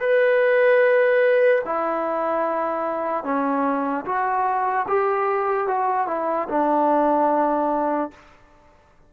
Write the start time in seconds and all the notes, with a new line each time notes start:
0.00 B4
1.65 E4
3.24 C#4
4.05 F#4
4.88 G4
5.67 F#4
6.07 E4
6.49 D4